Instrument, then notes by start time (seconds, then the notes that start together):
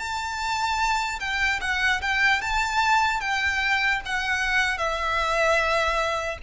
violin
0.00 A5
1.20 G5
1.61 F#5
2.02 G5
2.42 A5
3.21 G5
4.06 F#5
4.78 E5